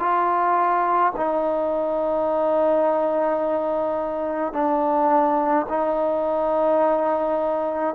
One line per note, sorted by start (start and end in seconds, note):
0.00 1.13 F4
1.17 4.53 D#4
4.53 5.67 D4
5.70 7.96 D#4